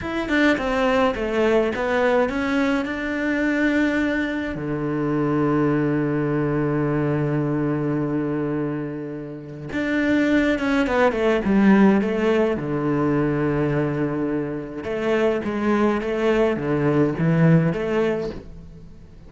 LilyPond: \new Staff \with { instrumentName = "cello" } { \time 4/4 \tempo 4 = 105 e'8 d'8 c'4 a4 b4 | cis'4 d'2. | d1~ | d1~ |
d4 d'4. cis'8 b8 a8 | g4 a4 d2~ | d2 a4 gis4 | a4 d4 e4 a4 | }